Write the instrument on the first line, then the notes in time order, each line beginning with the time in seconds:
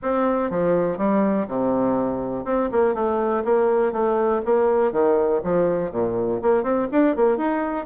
bassoon
0.02 C4
0.50 F3
0.97 G3
1.48 C3
2.45 C4
2.71 A#3
2.94 A3
3.44 A#3
3.92 A3
4.45 A#3
4.92 D#3
5.43 F3
5.91 A#2
6.42 A#3
6.63 C4
6.91 D4
7.16 A#3
7.37 D#4